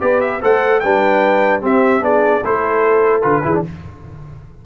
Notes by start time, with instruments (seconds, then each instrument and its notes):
0.00 tuba B3, trombone G4, horn B4, trumpet D5
0.21 trumpet E5
0.42 tuba A3, trombone A4, horn C5, trumpet F#5
0.80 tuba G3, trombone D4, horn B4, trumpet G5
1.61 trombone C4, tuba C4, horn G4, trumpet E5
2.01 tuba B3, trombone D4, horn G#4, trumpet D5
2.43 tuba A3, trombone E4, horn A4, trumpet C5
3.22 tuba D3, trombone F4, trumpet B4
3.44 tuba E3, trombone E4, horn G#4
3.54 trombone D4